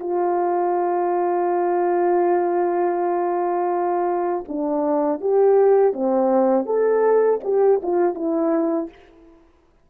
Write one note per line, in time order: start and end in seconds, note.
0.00 4.44 F4
4.48 5.21 D4
5.21 5.93 G4
5.93 6.66 C4
6.66 7.40 A4
7.44 7.81 G4
7.82 8.15 F4
8.15 8.89 E4